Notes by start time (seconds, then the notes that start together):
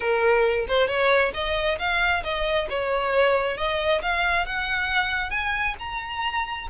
0.00 A#4
0.67 C5
0.87 C#5
1.33 D#5
1.78 F5
2.23 D#5
2.69 C#5
3.57 D#5
4.02 F5
4.46 F#5
5.30 G#5
5.79 A#5